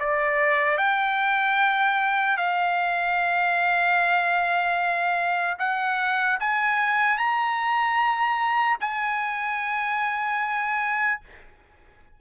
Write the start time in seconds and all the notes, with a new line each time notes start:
0.00 D5
0.78 G5
2.37 F5
5.59 F#5
6.40 G#5
7.18 A#5
8.81 G#5